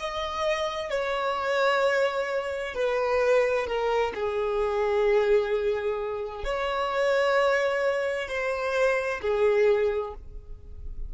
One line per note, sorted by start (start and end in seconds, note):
0.00 0.90 D#5
0.90 2.75 C#5
2.75 3.67 B4
3.67 4.13 A#4
4.15 6.44 G#4
6.44 8.28 C#5
8.28 9.21 C5
9.21 10.14 G#4